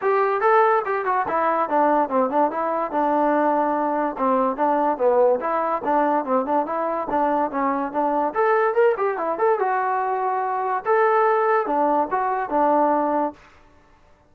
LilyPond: \new Staff \with { instrumentName = "trombone" } { \time 4/4 \tempo 4 = 144 g'4 a'4 g'8 fis'8 e'4 | d'4 c'8 d'8 e'4 d'4~ | d'2 c'4 d'4 | b4 e'4 d'4 c'8 d'8 |
e'4 d'4 cis'4 d'4 | a'4 ais'8 g'8 e'8 a'8 fis'4~ | fis'2 a'2 | d'4 fis'4 d'2 | }